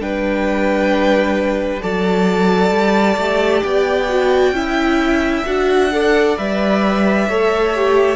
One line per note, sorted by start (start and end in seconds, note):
0.00 1.82 G3
0.00 1.81 D4
0.00 1.83 B4
0.00 1.83 G5
1.81 2.71 F#3
1.81 3.18 A4
1.81 4.55 D5
1.81 3.64 A5
2.71 3.17 G3
3.17 3.63 A3
3.17 4.10 G4
3.64 4.52 B3
3.64 5.45 G5
4.10 4.55 F#4
4.52 5.43 C#4
4.52 5.46 E4
4.52 5.92 E5
5.46 6.38 D4
5.46 5.91 F#4
5.46 6.38 F#5
5.92 6.37 A4
5.92 7.29 D5
6.37 7.29 G3
6.37 7.28 B4
6.37 8.16 E5
7.29 8.16 A3
7.29 7.75 A4
7.29 8.16 C#5
7.75 8.16 G4